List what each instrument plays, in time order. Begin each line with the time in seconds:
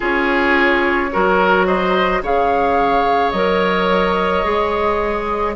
0.00 bassoon C#4, clarinet F4, oboe G#4, flute C#5
1.12 bassoon F#3, clarinet F#4, oboe A#4
1.66 oboe C5, flute D#5
2.22 bassoon C#3, clarinet G#4, oboe C#5, flute F5
3.30 bassoon F#3, clarinet A#4, flute D#5
4.44 bassoon G#3, clarinet G#4